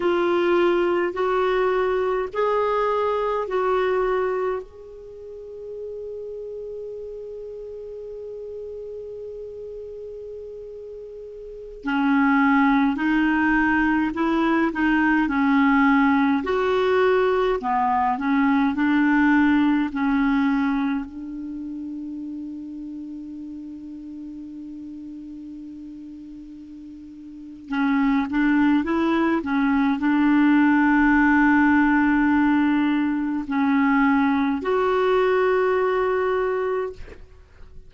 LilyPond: \new Staff \with { instrumentName = "clarinet" } { \time 4/4 \tempo 4 = 52 f'4 fis'4 gis'4 fis'4 | gis'1~ | gis'2~ gis'16 cis'4 dis'8.~ | dis'16 e'8 dis'8 cis'4 fis'4 b8 cis'16~ |
cis'16 d'4 cis'4 d'4.~ d'16~ | d'1 | cis'8 d'8 e'8 cis'8 d'2~ | d'4 cis'4 fis'2 | }